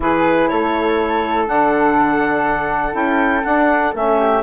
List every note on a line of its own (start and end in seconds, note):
0.00 0.49 E3
0.00 1.46 E4
0.00 0.50 G#4
0.00 0.47 B4
0.47 1.48 A3
0.47 4.18 A4
0.47 1.46 C#5
1.46 2.94 D3
1.46 2.92 D4
1.46 2.94 F#5
2.92 3.43 C#4
2.92 3.41 E4
2.92 3.43 G5
3.43 3.94 D4
3.43 3.93 F#5
3.94 4.42 A3
3.94 4.42 C#4
3.94 4.42 E5
4.18 4.42 G4